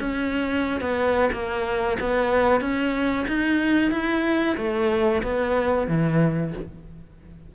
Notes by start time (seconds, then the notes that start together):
0.00 C#4
0.81 B3
1.32 A#3
2.00 B3
2.61 C#4
3.27 D#4
3.91 E4
4.57 A3
5.23 B3
5.88 E3